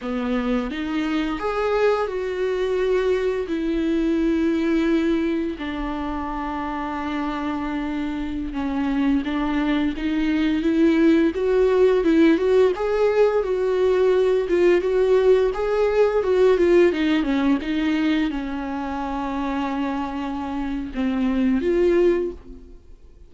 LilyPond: \new Staff \with { instrumentName = "viola" } { \time 4/4 \tempo 4 = 86 b4 dis'4 gis'4 fis'4~ | fis'4 e'2. | d'1~ | d'16 cis'4 d'4 dis'4 e'8.~ |
e'16 fis'4 e'8 fis'8 gis'4 fis'8.~ | fis'8. f'8 fis'4 gis'4 fis'8 f'16~ | f'16 dis'8 cis'8 dis'4 cis'4.~ cis'16~ | cis'2 c'4 f'4 | }